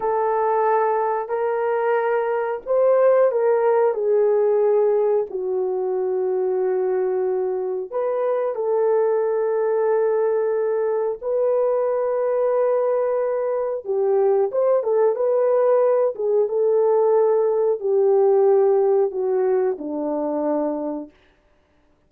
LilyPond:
\new Staff \with { instrumentName = "horn" } { \time 4/4 \tempo 4 = 91 a'2 ais'2 | c''4 ais'4 gis'2 | fis'1 | b'4 a'2.~ |
a'4 b'2.~ | b'4 g'4 c''8 a'8 b'4~ | b'8 gis'8 a'2 g'4~ | g'4 fis'4 d'2 | }